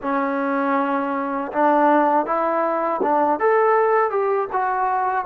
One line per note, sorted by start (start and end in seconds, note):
0.02 1.52 C#4
1.52 2.25 D4
2.25 3.00 E4
3.02 3.40 D4
3.40 4.10 A4
4.10 4.48 G4
4.52 5.25 F#4